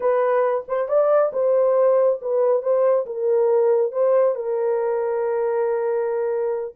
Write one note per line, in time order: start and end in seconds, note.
0.00 0.64 B4
0.68 0.88 C5
0.88 1.32 D5
1.32 2.19 C5
2.21 2.62 B4
2.62 3.05 C5
3.06 3.92 A#4
3.92 4.35 C5
4.35 6.74 A#4